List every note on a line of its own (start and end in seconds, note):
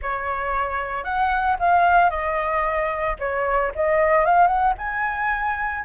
0.02 1.04 C#5
1.04 1.57 F#5
1.59 2.10 F5
2.10 3.16 D#5
3.19 3.72 C#5
3.75 4.25 D#5
4.25 4.47 F5
4.47 4.73 F#5
4.78 5.84 G#5